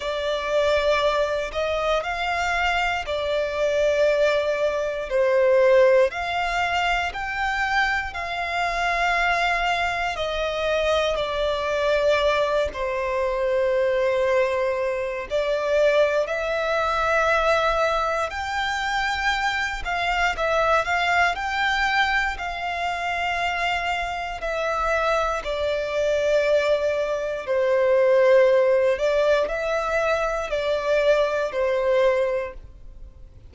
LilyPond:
\new Staff \with { instrumentName = "violin" } { \time 4/4 \tempo 4 = 59 d''4. dis''8 f''4 d''4~ | d''4 c''4 f''4 g''4 | f''2 dis''4 d''4~ | d''8 c''2~ c''8 d''4 |
e''2 g''4. f''8 | e''8 f''8 g''4 f''2 | e''4 d''2 c''4~ | c''8 d''8 e''4 d''4 c''4 | }